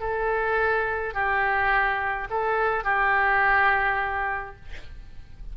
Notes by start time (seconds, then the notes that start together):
0.00 A4
1.14 G4
2.30 A4
2.84 G4